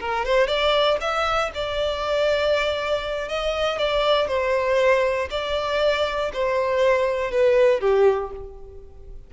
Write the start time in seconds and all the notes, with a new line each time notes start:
0.00 A#4
0.25 C5
0.47 D5
1.01 E5
1.54 D5
3.29 D#5
3.79 D5
4.28 C5
5.31 D5
6.33 C5
7.31 B4
7.81 G4